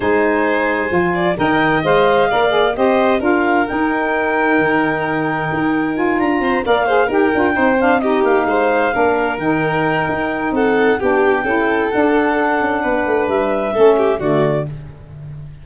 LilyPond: <<
  \new Staff \with { instrumentName = "clarinet" } { \time 4/4 \tempo 4 = 131 gis''2. g''4 | f''2 dis''4 f''4 | g''1~ | g''4 gis''8 ais''4 f''4 g''8~ |
g''4 f''8 dis''8 f''2~ | f''8 g''2~ g''8 fis''4 | g''2 fis''2~ | fis''4 e''2 d''4 | }
  \new Staff \with { instrumentName = "violin" } { \time 4/4 c''2~ c''8 d''8 dis''4~ | dis''4 d''4 c''4 ais'4~ | ais'1~ | ais'2 c''8 d''8 c''8 ais'8~ |
ais'8 c''4 g'4 c''4 ais'8~ | ais'2. a'4 | g'4 a'2. | b'2 a'8 g'8 fis'4 | }
  \new Staff \with { instrumentName = "saxophone" } { \time 4/4 dis'2 f'4 ais'4 | c''4 ais'8 gis'8 g'4 f'4 | dis'1~ | dis'4 f'4. ais'8 gis'8 g'8 |
f'8 dis'8 d'8 dis'2 d'8~ | d'8 dis'2.~ dis'8 | d'4 e'4 d'2~ | d'2 cis'4 a4 | }
  \new Staff \with { instrumentName = "tuba" } { \time 4/4 gis2 f4 dis4 | gis4 ais4 c'4 d'4 | dis'2 dis2 | dis'4. d'8 c'8 ais4 dis'8 |
d'8 c'4. ais8 gis4 ais8~ | ais8 dis4. dis'4 c'4 | b4 cis'4 d'4. cis'8 | b8 a8 g4 a4 d4 | }
>>